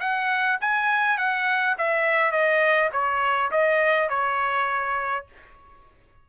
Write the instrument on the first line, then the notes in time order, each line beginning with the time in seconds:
trumpet
0.00 F#5
0.61 G#5
1.17 F#5
1.78 E5
2.32 D#5
2.92 C#5
3.51 D#5
4.09 C#5